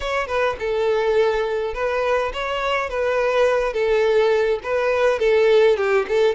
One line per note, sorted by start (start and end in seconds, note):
0.00 0.27 C#5
0.27 0.56 B4
0.59 1.74 A4
1.74 2.32 B4
2.33 2.89 C#5
2.89 3.73 B4
3.73 4.59 A4
4.63 5.19 B4
5.19 5.77 A4
5.77 6.06 G4
6.08 6.35 A4